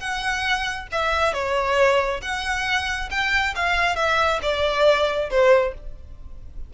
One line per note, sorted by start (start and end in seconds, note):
0.00 0.88 F#5
0.92 1.34 E5
1.34 2.21 C#5
2.22 3.10 F#5
3.11 3.55 G5
3.56 3.96 F5
3.96 4.40 E5
4.43 5.30 D5
5.30 5.74 C5